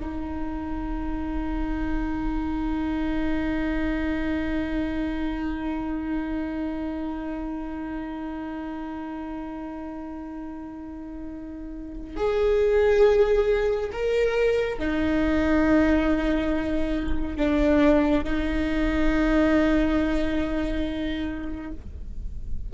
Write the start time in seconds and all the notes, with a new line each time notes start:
0.00 D#4
12.16 G#4
13.92 A#4
14.78 D#4
17.37 D4
18.24 D#4